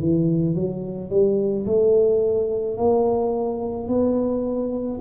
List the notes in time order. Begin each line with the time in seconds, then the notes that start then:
0.00 E3
0.55 F#3
1.11 G3
1.67 A3
2.78 A#3
3.88 B3